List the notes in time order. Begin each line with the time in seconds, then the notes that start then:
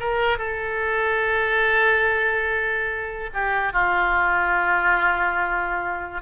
0.00 A#4
0.39 A4
3.34 G4
3.73 F4